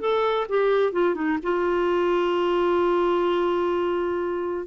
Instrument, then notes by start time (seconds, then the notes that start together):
clarinet
0.00 A4
0.49 G4
0.92 F4
1.15 D#4
1.43 F4